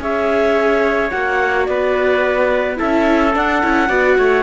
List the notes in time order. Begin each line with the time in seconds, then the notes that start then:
0.00 C#4 G#4 C#5 E5
1.11 A#3 F#4 F#5
1.66 B3 B4 D5
2.76 C#4 E4 A4 E5
3.34 D4 F#5
3.62 C#4 E4
3.89 B3 F#4 D5
4.18 A3 C#5